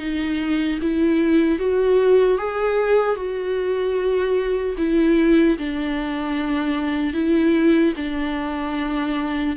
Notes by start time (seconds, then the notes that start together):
0.00 D#4
0.82 E4
1.59 F#4
2.39 G#4
3.16 F#4
4.78 E4
5.59 D4
7.14 E4
7.97 D4